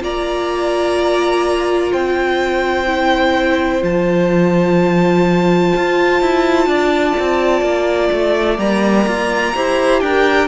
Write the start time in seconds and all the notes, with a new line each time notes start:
0.00 A#3 F4 D5 A#5
1.92 C4 C5 G5
2.86 E4
3.81 F3 F4 A5
5.76 F4
6.21 E4
6.66 D4 D5
7.19 C4
7.61 A#3
8.12 A3
8.58 G3 A#3 A#5
9.07 F4
9.54 E4 G4 C5
10.00 D4 A#4 G5